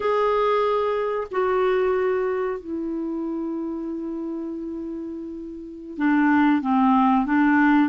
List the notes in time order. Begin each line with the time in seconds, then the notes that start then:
0.00 G#4
1.31 F#4
2.60 E4
5.97 D4
6.61 C4
7.26 D4